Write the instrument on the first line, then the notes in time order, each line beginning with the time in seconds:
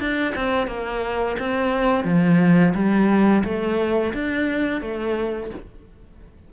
cello
0.00 D4
0.36 C4
0.68 A#3
1.39 C4
2.05 F3
2.75 G3
3.45 A3
4.14 D4
4.82 A3